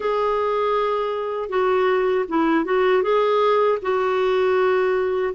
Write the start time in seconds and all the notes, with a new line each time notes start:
0.00 G#4
1.49 F#4
2.28 E4
2.64 F#4
3.02 G#4
3.82 F#4